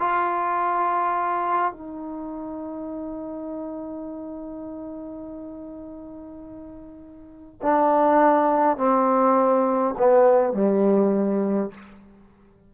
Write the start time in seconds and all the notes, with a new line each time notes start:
0.00 F4
1.73 D#4
7.62 D4
8.78 C4
9.98 B3
10.54 G3